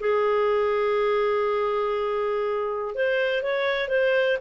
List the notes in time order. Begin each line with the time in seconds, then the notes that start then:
0.00 G#4
2.95 C5
3.43 C#5
3.88 C5